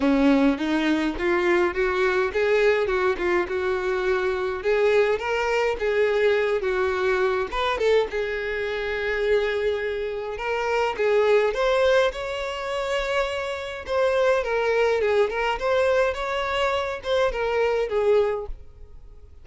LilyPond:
\new Staff \with { instrumentName = "violin" } { \time 4/4 \tempo 4 = 104 cis'4 dis'4 f'4 fis'4 | gis'4 fis'8 f'8 fis'2 | gis'4 ais'4 gis'4. fis'8~ | fis'4 b'8 a'8 gis'2~ |
gis'2 ais'4 gis'4 | c''4 cis''2. | c''4 ais'4 gis'8 ais'8 c''4 | cis''4. c''8 ais'4 gis'4 | }